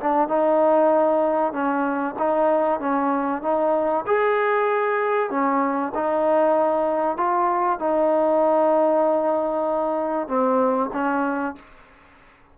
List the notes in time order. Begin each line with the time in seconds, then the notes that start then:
0.00 D4
0.28 D#4
1.52 C#4
2.18 D#4
2.80 C#4
3.42 D#4
4.06 G#4
5.30 C#4
5.94 D#4
7.17 F4
7.79 D#4
10.27 C4
10.93 C#4